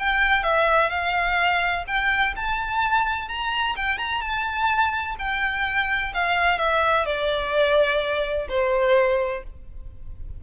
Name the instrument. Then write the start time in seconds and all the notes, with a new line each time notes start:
violin
0.00 G5
0.44 E5
0.90 F5
1.88 G5
2.37 A5
3.29 A#5
3.77 G5
3.98 A#5
4.22 A5
5.19 G5
6.15 F5
6.59 E5
7.06 D5
8.49 C5